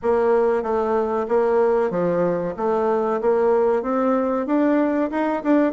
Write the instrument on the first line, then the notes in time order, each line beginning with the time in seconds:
bassoon
0.02 A#3
0.62 A3
1.28 A#3
1.90 F3
2.56 A3
3.21 A#3
3.82 C4
4.46 D4
5.11 D#4
5.43 D4